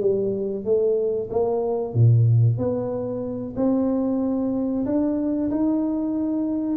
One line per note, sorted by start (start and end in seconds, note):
0.00 0.64 G3
0.64 1.29 A3
1.30 1.94 A#3
1.94 2.57 A#2
2.57 3.54 B3
3.56 4.85 C4
4.85 5.50 D4
5.50 6.77 D#4